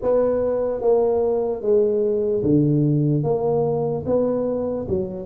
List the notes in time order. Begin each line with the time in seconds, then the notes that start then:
0.01 B3
0.81 A#3
1.61 G#3
2.43 D3
3.23 A#3
4.05 B3
4.88 F#3